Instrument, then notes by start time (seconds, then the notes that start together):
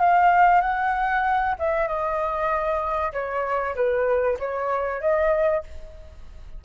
flute
0.00 F5
0.61 F#5
1.59 E5
1.88 D#5
3.13 C#5
3.76 B4
4.39 C#5
5.01 D#5